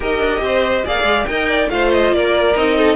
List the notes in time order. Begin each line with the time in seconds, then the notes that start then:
0.00 D#4 G4 A#4 D#5
0.19 D4
0.41 C4 C5
0.84 A#3 G#4 D5 F5
1.03 G#3
1.26 D#4 A#4 D#5 G5
1.48 D5
1.68 A3 F4 C5 F5
1.92 D#5
2.12 A#3 A#4 D5
2.55 C4 D#4 D#5
2.77 A4